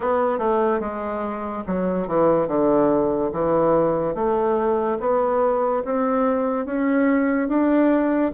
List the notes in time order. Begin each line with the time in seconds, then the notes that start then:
0.00 B3
0.38 A3
0.80 G#3
1.67 F#3
2.07 E3
2.47 D3
3.32 E3
4.14 A3
5.00 B3
5.84 C4
6.65 C#4
7.48 D4